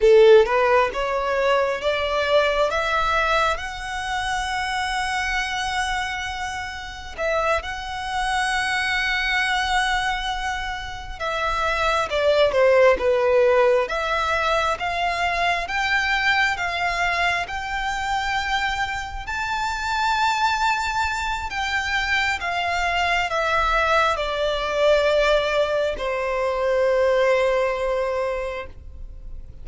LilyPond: \new Staff \with { instrumentName = "violin" } { \time 4/4 \tempo 4 = 67 a'8 b'8 cis''4 d''4 e''4 | fis''1 | e''8 fis''2.~ fis''8~ | fis''8 e''4 d''8 c''8 b'4 e''8~ |
e''8 f''4 g''4 f''4 g''8~ | g''4. a''2~ a''8 | g''4 f''4 e''4 d''4~ | d''4 c''2. | }